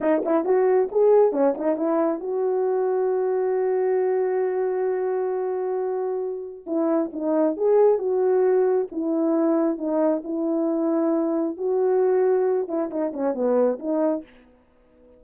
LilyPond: \new Staff \with { instrumentName = "horn" } { \time 4/4 \tempo 4 = 135 dis'8 e'8 fis'4 gis'4 cis'8 dis'8 | e'4 fis'2.~ | fis'1~ | fis'2. e'4 |
dis'4 gis'4 fis'2 | e'2 dis'4 e'4~ | e'2 fis'2~ | fis'8 e'8 dis'8 cis'8 b4 dis'4 | }